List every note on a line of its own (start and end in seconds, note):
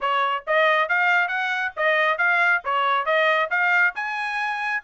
0.00 0.44 C#5
0.46 0.88 D#5
0.88 1.28 F5
1.28 1.71 F#5
1.76 2.18 D#5
2.18 2.62 F5
2.64 3.05 C#5
3.05 3.49 D#5
3.50 3.94 F5
3.95 4.82 G#5